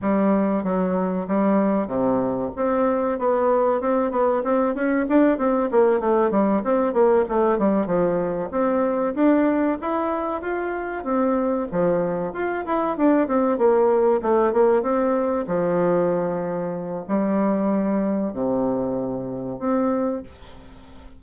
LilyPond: \new Staff \with { instrumentName = "bassoon" } { \time 4/4 \tempo 4 = 95 g4 fis4 g4 c4 | c'4 b4 c'8 b8 c'8 cis'8 | d'8 c'8 ais8 a8 g8 c'8 ais8 a8 | g8 f4 c'4 d'4 e'8~ |
e'8 f'4 c'4 f4 f'8 | e'8 d'8 c'8 ais4 a8 ais8 c'8~ | c'8 f2~ f8 g4~ | g4 c2 c'4 | }